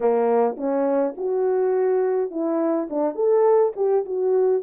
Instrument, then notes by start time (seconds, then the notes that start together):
horn
0.00 A#3
0.57 C#4
1.17 F#4
2.31 E4
2.90 D4
3.15 A4
3.76 G4
4.05 F#4